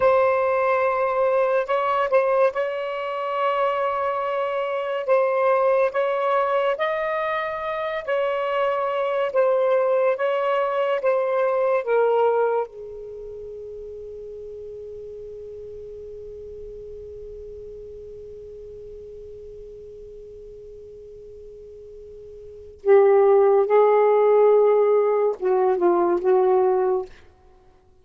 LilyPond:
\new Staff \with { instrumentName = "saxophone" } { \time 4/4 \tempo 4 = 71 c''2 cis''8 c''8 cis''4~ | cis''2 c''4 cis''4 | dis''4. cis''4. c''4 | cis''4 c''4 ais'4 gis'4~ |
gis'1~ | gis'1~ | gis'2. g'4 | gis'2 fis'8 f'8 fis'4 | }